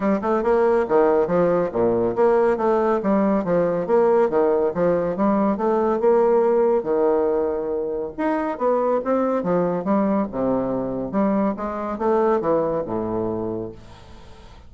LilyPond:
\new Staff \with { instrumentName = "bassoon" } { \time 4/4 \tempo 4 = 140 g8 a8 ais4 dis4 f4 | ais,4 ais4 a4 g4 | f4 ais4 dis4 f4 | g4 a4 ais2 |
dis2. dis'4 | b4 c'4 f4 g4 | c2 g4 gis4 | a4 e4 a,2 | }